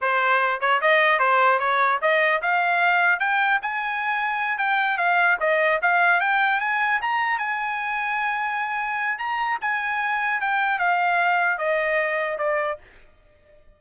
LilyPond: \new Staff \with { instrumentName = "trumpet" } { \time 4/4 \tempo 4 = 150 c''4. cis''8 dis''4 c''4 | cis''4 dis''4 f''2 | g''4 gis''2~ gis''8 g''8~ | g''8 f''4 dis''4 f''4 g''8~ |
g''8 gis''4 ais''4 gis''4.~ | gis''2. ais''4 | gis''2 g''4 f''4~ | f''4 dis''2 d''4 | }